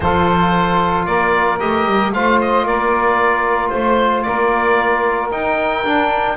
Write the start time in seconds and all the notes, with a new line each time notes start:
0.00 F3 F4 A4 C5
1.05 A#3 A#4 D5
1.59 A3 G4 D#5
1.85 G3
2.12 A3 F4 C5 F5
2.41 D#5
2.63 A#3 A#4 D5
3.69 A3 C5
4.21 A#4 D5
4.28 A#3
5.31 D#4 G5
5.84 D4